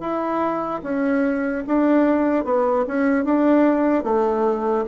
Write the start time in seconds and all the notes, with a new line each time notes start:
0.00 E4
0.83 C#4
1.67 D4
2.44 B3
2.87 C#4
3.24 D4
4.04 A3